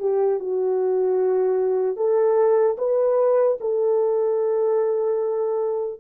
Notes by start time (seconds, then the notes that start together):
0.00 G4
0.40 F#4
1.97 A4
2.79 B4
3.61 A4